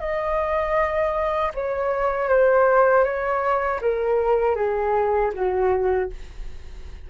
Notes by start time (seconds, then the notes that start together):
0.00 D#5
1.55 C#5
2.29 C5
3.04 C#5
3.81 A#4
4.56 G#4
5.34 F#4